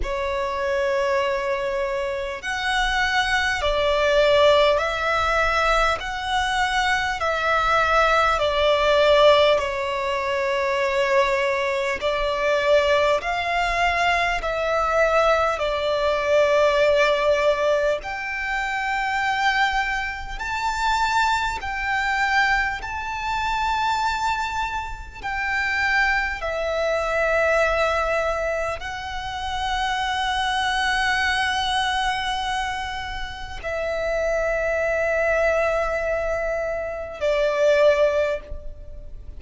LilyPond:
\new Staff \with { instrumentName = "violin" } { \time 4/4 \tempo 4 = 50 cis''2 fis''4 d''4 | e''4 fis''4 e''4 d''4 | cis''2 d''4 f''4 | e''4 d''2 g''4~ |
g''4 a''4 g''4 a''4~ | a''4 g''4 e''2 | fis''1 | e''2. d''4 | }